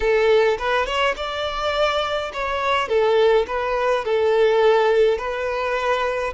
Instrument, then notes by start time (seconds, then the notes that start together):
violin
0.00 A4
0.58 B4
0.86 C#5
1.16 D5
2.33 C#5
2.88 A4
3.47 B4
4.04 A4
5.18 B4